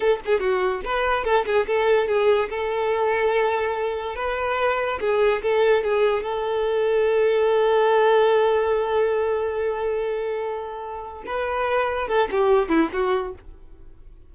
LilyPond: \new Staff \with { instrumentName = "violin" } { \time 4/4 \tempo 4 = 144 a'8 gis'8 fis'4 b'4 a'8 gis'8 | a'4 gis'4 a'2~ | a'2 b'2 | gis'4 a'4 gis'4 a'4~ |
a'1~ | a'1~ | a'2. b'4~ | b'4 a'8 g'4 e'8 fis'4 | }